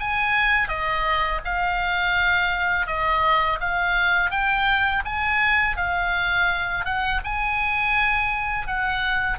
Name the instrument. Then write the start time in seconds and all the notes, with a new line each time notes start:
oboe
0.00 G#5
0.68 D#5
1.45 F5
2.87 D#5
3.60 F5
4.30 G5
5.05 G#5
5.77 F5
6.85 F#5
7.24 G#5
8.67 F#5